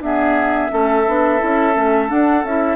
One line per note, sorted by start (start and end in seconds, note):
0.00 0.70 B3
0.00 0.69 D4
0.00 0.72 G#4
0.00 2.09 E5
0.70 1.07 A3
0.70 1.04 C#4
0.70 2.76 A4
1.07 1.41 B3
1.07 1.39 D4
1.39 1.76 C#4
1.39 1.73 E4
1.74 2.10 A3
1.74 2.08 C#4
2.08 2.42 D4
2.08 2.44 D4
2.08 2.44 F#5
2.44 2.76 C#4
2.44 2.76 E4
2.44 2.76 E5